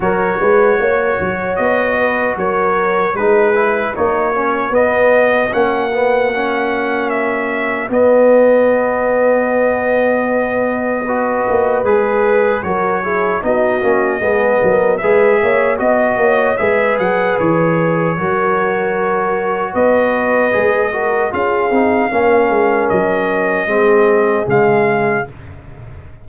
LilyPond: <<
  \new Staff \with { instrumentName = "trumpet" } { \time 4/4 \tempo 4 = 76 cis''2 dis''4 cis''4 | b'4 cis''4 dis''4 fis''4~ | fis''4 e''4 dis''2~ | dis''2. b'4 |
cis''4 dis''2 e''4 | dis''4 e''8 fis''8 cis''2~ | cis''4 dis''2 f''4~ | f''4 dis''2 f''4 | }
  \new Staff \with { instrumentName = "horn" } { \time 4/4 ais'8 b'8 cis''4. b'8 ais'4 | gis'4 fis'2.~ | fis'1~ | fis'2 b'2 |
ais'8 gis'8 fis'4 gis'8 ais'8 b'8 cis''8 | dis''8 cis''8 b'2 ais'4~ | ais'4 b'4. ais'8 gis'4 | ais'2 gis'2 | }
  \new Staff \with { instrumentName = "trombone" } { \time 4/4 fis'1 | dis'8 e'8 dis'8 cis'8 b4 cis'8 b8 | cis'2 b2~ | b2 fis'4 gis'4 |
fis'8 e'8 dis'8 cis'8 b4 gis'4 | fis'4 gis'2 fis'4~ | fis'2 gis'8 fis'8 f'8 dis'8 | cis'2 c'4 gis4 | }
  \new Staff \with { instrumentName = "tuba" } { \time 4/4 fis8 gis8 ais8 fis8 b4 fis4 | gis4 ais4 b4 ais4~ | ais2 b2~ | b2~ b8 ais8 gis4 |
fis4 b8 ais8 gis8 fis8 gis8 ais8 | b8 ais8 gis8 fis8 e4 fis4~ | fis4 b4 gis4 cis'8 c'8 | ais8 gis8 fis4 gis4 cis4 | }
>>